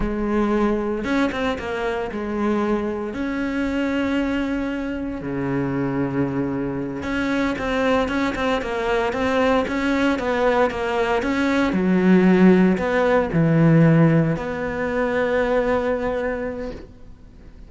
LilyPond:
\new Staff \with { instrumentName = "cello" } { \time 4/4 \tempo 4 = 115 gis2 cis'8 c'8 ais4 | gis2 cis'2~ | cis'2 cis2~ | cis4. cis'4 c'4 cis'8 |
c'8 ais4 c'4 cis'4 b8~ | b8 ais4 cis'4 fis4.~ | fis8 b4 e2 b8~ | b1 | }